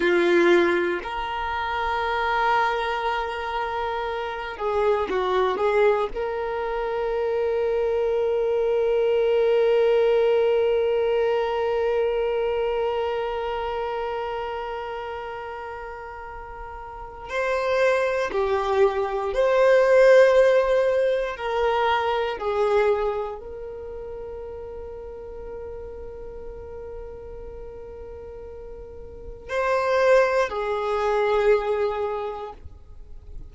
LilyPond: \new Staff \with { instrumentName = "violin" } { \time 4/4 \tempo 4 = 59 f'4 ais'2.~ | ais'8 gis'8 fis'8 gis'8 ais'2~ | ais'1~ | ais'1~ |
ais'4 c''4 g'4 c''4~ | c''4 ais'4 gis'4 ais'4~ | ais'1~ | ais'4 c''4 gis'2 | }